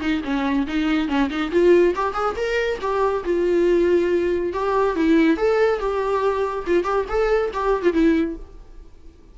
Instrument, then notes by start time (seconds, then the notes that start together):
viola
0.00 D#4
0.23 C#4
0.67 D#4
1.08 C#4
1.30 D#4
1.51 F4
1.95 G4
2.13 G#4
2.36 A#4
2.81 G4
3.24 F4
4.53 G4
4.96 E4
5.37 A4
5.79 G4
6.66 F4
6.84 G4
7.08 A4
7.53 G4
7.82 F4
7.93 E4